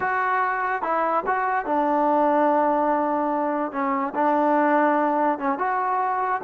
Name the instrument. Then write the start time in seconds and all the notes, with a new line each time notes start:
trombone
0.00 F#4
0.82 E4
1.26 F#4
1.65 D4
3.72 C#4
4.15 D4
5.38 C#4
5.58 F#4